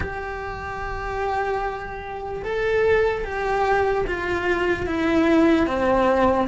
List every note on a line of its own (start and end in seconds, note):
0.00 2.43 G4
2.43 3.24 A4
3.24 4.05 G4
4.07 4.86 F4
4.86 5.66 E4
5.66 6.48 C4